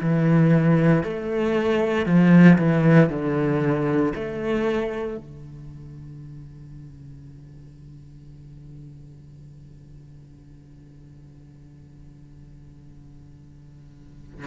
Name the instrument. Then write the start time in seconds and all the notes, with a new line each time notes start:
cello
0.00 E3
1.03 A3
2.05 F3
2.58 E3
3.09 D3
4.15 A3
5.17 D3